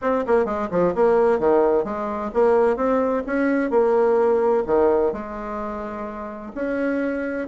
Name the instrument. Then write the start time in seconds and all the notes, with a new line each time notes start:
bassoon
0.01 C4
0.26 A#3
0.45 G#3
0.70 F3
0.94 A#3
1.39 D#3
1.84 G#3
2.33 A#3
2.76 C4
3.26 C#4
3.70 A#3
4.66 D#3
5.12 G#3
6.55 C#4